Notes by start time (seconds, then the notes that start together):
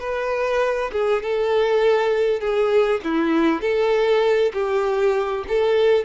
0.00 B4
0.92 G#4
1.23 A4
2.40 G#4
3.04 E4
3.61 A4
4.53 G4
5.48 A4